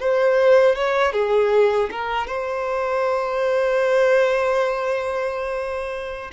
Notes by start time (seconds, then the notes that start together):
0.00 C5
0.75 C#5
1.13 G#4
1.91 A#4
2.27 C5